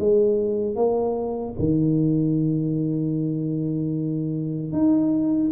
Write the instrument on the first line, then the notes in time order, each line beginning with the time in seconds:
tuba
0.00 G#3
0.76 A#3
1.59 D#3
4.73 D#4